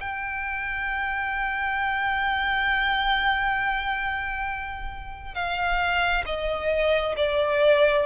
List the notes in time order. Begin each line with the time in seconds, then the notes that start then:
0.00 G5
5.34 F5
6.26 D#5
7.16 D5